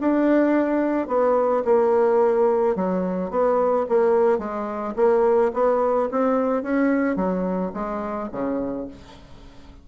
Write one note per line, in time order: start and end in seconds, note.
0.00 1.07 D4
1.07 1.63 B3
1.65 2.75 A#3
2.75 3.30 F#3
3.30 3.86 B3
3.88 4.38 A#3
4.38 4.94 G#3
4.95 5.51 A#3
5.53 6.09 B3
6.11 6.62 C4
6.62 7.16 C#4
7.16 7.71 F#3
7.73 8.29 G#3
8.32 8.87 C#3